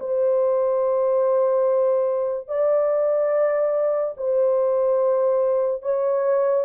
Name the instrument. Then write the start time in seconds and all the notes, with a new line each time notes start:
horn
0.00 C5
2.48 D5
4.17 C5
5.83 C#5